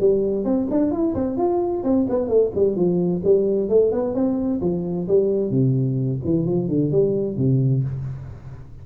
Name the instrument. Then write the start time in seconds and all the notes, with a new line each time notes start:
tuba
0.00 G3
0.45 C4
0.71 D4
0.91 E4
1.15 C4
1.37 F4
1.84 C4
2.10 B3
2.29 A3
2.56 G3
2.76 F3
3.24 G3
3.69 A3
3.92 B3
4.15 C4
4.62 F3
5.08 G3
5.51 C3
6.25 E3
6.46 F3
6.69 D3
6.92 G3
7.37 C3